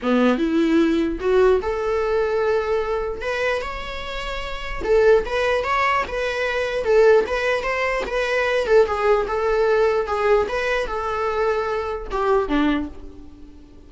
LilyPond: \new Staff \with { instrumentName = "viola" } { \time 4/4 \tempo 4 = 149 b4 e'2 fis'4 | a'1 | b'4 cis''2. | a'4 b'4 cis''4 b'4~ |
b'4 a'4 b'4 c''4 | b'4. a'8 gis'4 a'4~ | a'4 gis'4 b'4 a'4~ | a'2 g'4 d'4 | }